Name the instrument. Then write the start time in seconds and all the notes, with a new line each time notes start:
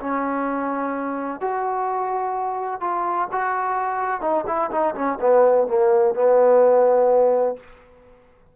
trombone
0.00 C#4
1.41 F#4
2.81 F4
3.32 F#4
4.21 D#4
4.47 E4
4.71 D#4
4.95 C#4
5.21 B3
5.67 A#3
6.14 B3